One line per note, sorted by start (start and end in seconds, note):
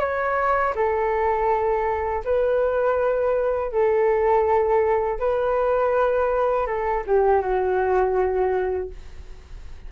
0.00 0.74 C#5
0.76 2.24 A4
2.25 3.72 B4
3.72 5.20 A4
5.20 6.67 B4
6.67 7.04 A4
7.07 7.42 G4
7.42 8.90 F#4